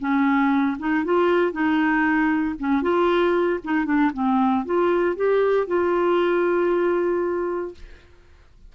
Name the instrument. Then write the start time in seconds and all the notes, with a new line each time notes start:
clarinet
0.00 C#4
0.79 D#4
1.05 F4
1.52 D#4
2.60 C#4
2.82 F4
3.65 D#4
3.86 D4
4.14 C4
4.66 F4
5.17 G4
5.68 F4